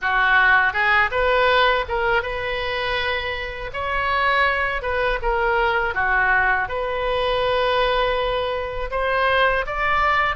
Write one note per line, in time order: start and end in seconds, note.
0.01 0.73 F#4
0.73 1.10 G#4
1.11 1.85 B4
1.88 2.22 A#4
2.22 3.70 B4
3.73 4.81 C#5
4.81 5.19 B4
5.22 5.94 A#4
5.94 6.68 F#4
6.68 8.90 B4
8.91 9.65 C5
9.66 10.35 D5